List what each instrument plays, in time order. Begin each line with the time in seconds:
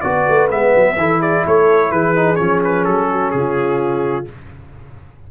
0.00 tuba B3, trombone F#4, horn B4, trumpet D5
0.28 tuba A3
0.49 tuba G#3, trombone B3, trumpet E5
0.75 tuba F#3
0.96 tuba E3, trombone E4, horn A4
1.20 horn G#4, trumpet D5
1.45 tuba A3, horn A4, trumpet C#5
1.90 tuba E3, horn G#4, trumpet B4
2.15 trombone D#4
2.35 tuba F3, trombone C#4, trumpet C#5
2.64 trumpet B4
2.84 tuba F#3, trumpet A4
3.10 horn F#4
3.31 tuba C#3, horn F4, trumpet G#4